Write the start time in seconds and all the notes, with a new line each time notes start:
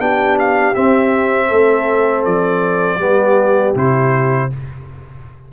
0.00 B3 D4 G4 G5
0.40 F5
0.75 C4 E5
1.48 A3 A4
2.25 F3 D5
2.98 G3 B3 G4
3.75 C3 E4 C5